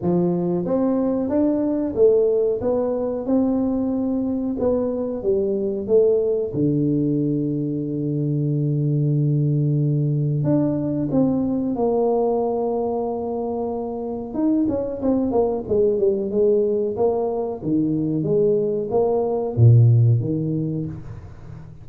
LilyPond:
\new Staff \with { instrumentName = "tuba" } { \time 4/4 \tempo 4 = 92 f4 c'4 d'4 a4 | b4 c'2 b4 | g4 a4 d2~ | d1 |
d'4 c'4 ais2~ | ais2 dis'8 cis'8 c'8 ais8 | gis8 g8 gis4 ais4 dis4 | gis4 ais4 ais,4 dis4 | }